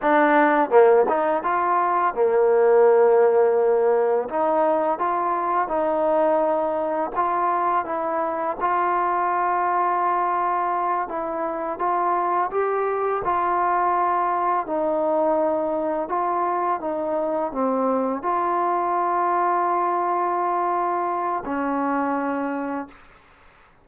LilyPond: \new Staff \with { instrumentName = "trombone" } { \time 4/4 \tempo 4 = 84 d'4 ais8 dis'8 f'4 ais4~ | ais2 dis'4 f'4 | dis'2 f'4 e'4 | f'2.~ f'8 e'8~ |
e'8 f'4 g'4 f'4.~ | f'8 dis'2 f'4 dis'8~ | dis'8 c'4 f'2~ f'8~ | f'2 cis'2 | }